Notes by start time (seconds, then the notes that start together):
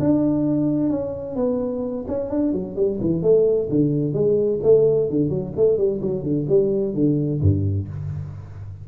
0.00 D4
0.90 C#4
1.36 B3
2.08 C#4
2.30 D4
2.53 F#3
2.76 G3
3.01 E3
3.23 A3
3.70 D3
4.14 G#3
4.64 A3
5.10 D3
5.30 F#3
5.56 A3
5.78 G3
6.02 F#3
6.23 D3
6.49 G3
6.95 D3
7.42 G2